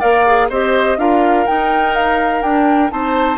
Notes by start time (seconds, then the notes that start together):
0.00 A#3 A#4 D5 F5
0.26 G#4
0.49 C4 G4 C5 D#5
0.98 D4 F4 A#4 F5
1.47 D#4 G5
1.95 F5
2.42 D4 G5
2.90 C4 D#4 C5 A5